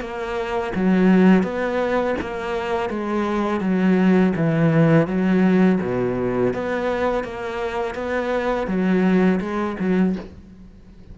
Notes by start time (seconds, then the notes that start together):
0.00 A#3
0.75 F#3
1.43 B3
2.20 A#3
2.89 G#3
3.60 F#3
4.36 E3
5.07 F#3
5.81 B2
6.54 B3
7.24 A#3
7.95 B3
8.67 F#3
9.40 G#3
9.79 F#3